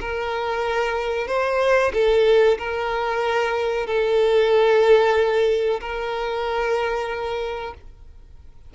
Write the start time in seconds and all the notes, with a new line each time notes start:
0.00 A#4
1.27 C5
1.93 A4
2.58 A#4
3.86 A4
5.80 A#4